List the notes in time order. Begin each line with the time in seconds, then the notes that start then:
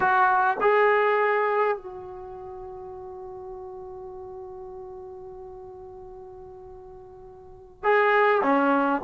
0.00 F#4
0.60 G#4
1.77 F#4
7.83 G#4
8.42 C#4